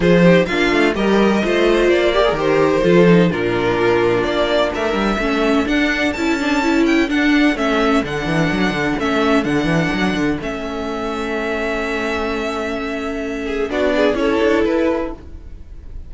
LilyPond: <<
  \new Staff \with { instrumentName = "violin" } { \time 4/4 \tempo 4 = 127 c''4 f''4 dis''2 | d''4 c''2 ais'4~ | ais'4 d''4 e''2 | fis''4 a''4. g''8 fis''4 |
e''4 fis''2 e''4 | fis''2 e''2~ | e''1~ | e''4 d''4 cis''4 b'4 | }
  \new Staff \with { instrumentName = "violin" } { \time 4/4 gis'8 g'8 f'4 ais'4 c''4~ | c''8 ais'4. a'4 f'4~ | f'2 ais'4 a'4~ | a'1~ |
a'1~ | a'1~ | a'1~ | a'8 gis'8 fis'8 gis'8 a'2 | }
  \new Staff \with { instrumentName = "viola" } { \time 4/4 f'8 dis'8 d'4 g'4 f'4~ | f'8 g'16 gis'16 g'4 f'8 dis'8 d'4~ | d'2. cis'4 | d'4 e'8 d'8 e'4 d'4 |
cis'4 d'2 cis'4 | d'2 cis'2~ | cis'1~ | cis'4 d'4 e'2 | }
  \new Staff \with { instrumentName = "cello" } { \time 4/4 f4 ais8 a8 g4 a4 | ais4 dis4 f4 ais,4~ | ais,4 ais4 a8 g8 a4 | d'4 cis'2 d'4 |
a4 d8 e8 fis8 d8 a4 | d8 e8 fis8 d8 a2~ | a1~ | a4 b4 cis'8 d'8 e'4 | }
>>